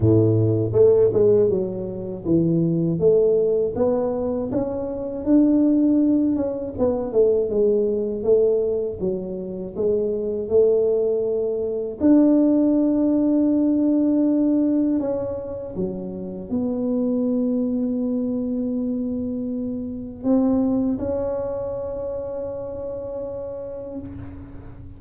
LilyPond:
\new Staff \with { instrumentName = "tuba" } { \time 4/4 \tempo 4 = 80 a,4 a8 gis8 fis4 e4 | a4 b4 cis'4 d'4~ | d'8 cis'8 b8 a8 gis4 a4 | fis4 gis4 a2 |
d'1 | cis'4 fis4 b2~ | b2. c'4 | cis'1 | }